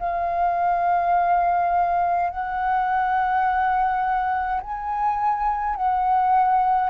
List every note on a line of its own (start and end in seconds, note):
0.00 2.31 F5
2.31 4.62 F#5
4.62 5.76 G#5
5.76 6.91 F#5